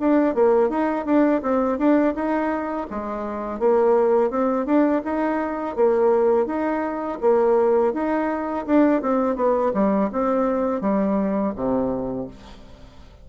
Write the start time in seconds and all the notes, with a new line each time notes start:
0.00 D4
0.35 A#3
0.70 D#4
1.05 D4
1.43 C4
1.78 D4
2.15 D#4
2.90 G#3
3.59 A#3
4.30 C4
4.66 D4
5.04 D#4
5.76 A#3
6.47 D#4
7.21 A#3
7.94 D#4
8.66 D4
9.02 C4
9.36 B3
9.74 G3
10.12 C4
10.81 G3
11.56 C3